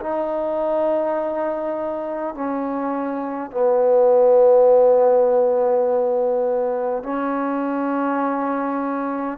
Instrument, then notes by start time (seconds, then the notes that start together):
trombone
0.00 D#4
2.34 C#4
3.51 B3
7.03 C#4